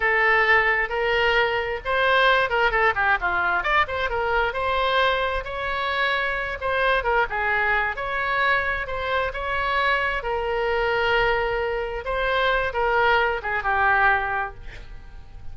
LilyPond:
\new Staff \with { instrumentName = "oboe" } { \time 4/4 \tempo 4 = 132 a'2 ais'2 | c''4. ais'8 a'8 g'8 f'4 | d''8 c''8 ais'4 c''2 | cis''2~ cis''8 c''4 ais'8 |
gis'4. cis''2 c''8~ | c''8 cis''2 ais'4.~ | ais'2~ ais'8 c''4. | ais'4. gis'8 g'2 | }